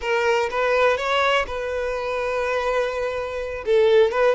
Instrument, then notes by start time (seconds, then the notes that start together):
violin
0.01 A#4
0.50 B4
0.97 C#5
1.46 B4
3.65 A4
4.11 B4